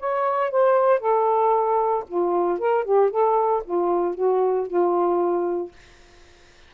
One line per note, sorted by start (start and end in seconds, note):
0.00 0.51 C#5
0.51 1.00 C5
1.00 2.04 A4
2.08 2.59 F4
2.59 2.85 A#4
2.85 3.11 G4
3.11 3.63 A4
3.65 4.15 F4
4.15 4.67 F#4
4.68 5.72 F4